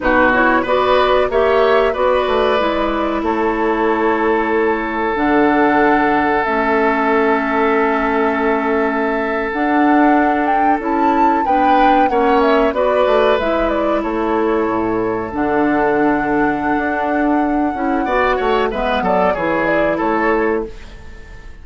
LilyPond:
<<
  \new Staff \with { instrumentName = "flute" } { \time 4/4 \tempo 4 = 93 b'8 cis''8 d''4 e''4 d''4~ | d''4 cis''2. | fis''2 e''2~ | e''2~ e''8. fis''4~ fis''16~ |
fis''16 g''8 a''4 g''4 fis''8 e''8 d''16~ | d''8. e''8 d''8 cis''2 fis''16~ | fis''1~ | fis''4 e''8 d''8 cis''8 d''8 cis''4 | }
  \new Staff \with { instrumentName = "oboe" } { \time 4/4 fis'4 b'4 cis''4 b'4~ | b'4 a'2.~ | a'1~ | a'1~ |
a'4.~ a'16 b'4 cis''4 b'16~ | b'4.~ b'16 a'2~ a'16~ | a'1 | d''8 cis''8 b'8 a'8 gis'4 a'4 | }
  \new Staff \with { instrumentName = "clarinet" } { \time 4/4 dis'8 e'8 fis'4 g'4 fis'4 | e'1 | d'2 cis'2~ | cis'2~ cis'8. d'4~ d'16~ |
d'8. e'4 d'4 cis'4 fis'16~ | fis'8. e'2. d'16~ | d'2.~ d'8 e'8 | fis'4 b4 e'2 | }
  \new Staff \with { instrumentName = "bassoon" } { \time 4/4 b,4 b4 ais4 b8 a8 | gis4 a2. | d2 a2~ | a2~ a8. d'4~ d'16~ |
d'8. cis'4 b4 ais4 b16~ | b16 a8 gis4 a4 a,4 d16~ | d2 d'4. cis'8 | b8 a8 gis8 fis8 e4 a4 | }
>>